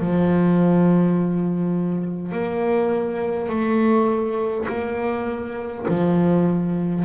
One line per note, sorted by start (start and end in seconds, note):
0.00 2.32 F3
2.32 3.49 A#3
3.49 4.67 A3
4.68 5.86 A#3
5.88 7.04 F3